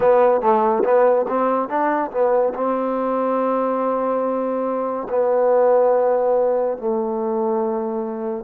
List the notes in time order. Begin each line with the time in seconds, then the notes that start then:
0.00 B3
0.41 A3
0.83 B3
1.28 C4
1.68 D4
2.11 B3
2.54 C4
5.09 B3
6.77 A3